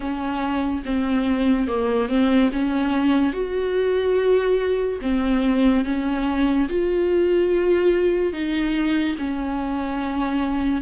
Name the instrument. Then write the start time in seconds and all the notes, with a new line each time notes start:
viola
0.00 C#4
0.85 C4
1.67 A#3
2.08 C4
2.52 C#4
3.32 F#4
5.01 C4
5.84 C#4
6.69 F4
8.33 D#4
9.18 C#4